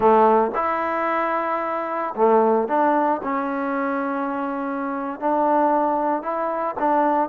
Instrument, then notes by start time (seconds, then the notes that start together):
trombone
0.00 A3
0.55 E4
2.15 A3
2.68 D4
3.23 C#4
5.20 D4
6.22 E4
6.79 D4